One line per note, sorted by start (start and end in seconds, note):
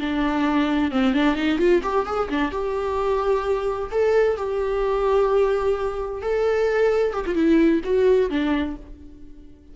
0.00 0.92 D4
0.92 1.14 C4
1.14 1.36 D4
1.36 1.59 D#4
1.59 1.82 F4
1.83 2.06 G4
2.06 2.29 G#4
2.30 2.52 D4
2.52 3.90 G4
3.91 4.37 A4
4.37 6.22 G4
6.22 7.14 A4
7.14 7.25 G4
7.26 7.35 F4
7.35 7.81 E4
7.84 8.30 F#4
8.30 8.76 D4